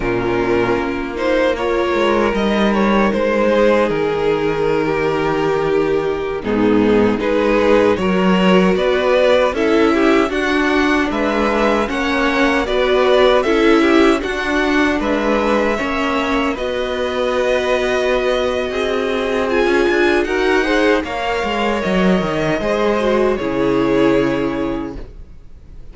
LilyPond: <<
  \new Staff \with { instrumentName = "violin" } { \time 4/4 \tempo 4 = 77 ais'4. c''8 cis''4 dis''8 cis''8 | c''4 ais'2.~ | ais'16 gis'4 b'4 cis''4 d''8.~ | d''16 e''4 fis''4 e''4 fis''8.~ |
fis''16 d''4 e''4 fis''4 e''8.~ | e''4~ e''16 dis''2~ dis''8.~ | dis''4 gis''4 fis''4 f''4 | dis''2 cis''2 | }
  \new Staff \with { instrumentName = "violin" } { \time 4/4 f'2 ais'2~ | ais'8 gis'4.~ gis'16 g'4.~ g'16~ | g'16 dis'4 gis'4 ais'4 b'8.~ | b'16 a'8 g'8 fis'4 b'4 cis''8.~ |
cis''16 b'4 a'8 g'8 fis'4 b'8.~ | b'16 cis''4 b'2~ b'8. | gis'2 ais'8 c''8 cis''4~ | cis''4 c''4 gis'2 | }
  \new Staff \with { instrumentName = "viola" } { \time 4/4 cis'4. dis'8 f'4 dis'4~ | dis'1~ | dis'16 b4 dis'4 fis'4.~ fis'16~ | fis'16 e'4 d'2 cis'8.~ |
cis'16 fis'4 e'4 d'4.~ d'16~ | d'16 cis'4 fis'2~ fis'8.~ | fis'4 f'4 fis'8 gis'8 ais'4~ | ais'4 gis'8 fis'8 e'2 | }
  \new Staff \with { instrumentName = "cello" } { \time 4/4 ais,4 ais4. gis8 g4 | gis4 dis2.~ | dis16 gis,4 gis4 fis4 b8.~ | b16 cis'4 d'4 gis4 ais8.~ |
ais16 b4 cis'4 d'4 gis8.~ | gis16 ais4 b2~ b8. | c'4~ c'16 cis'16 d'8 dis'4 ais8 gis8 | fis8 dis8 gis4 cis2 | }
>>